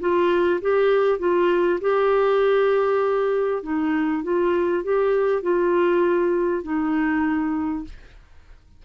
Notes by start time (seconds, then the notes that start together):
0.00 F4
0.61 G4
1.19 F4
1.81 G4
3.63 D#4
4.23 F4
4.84 G4
5.43 F4
6.63 D#4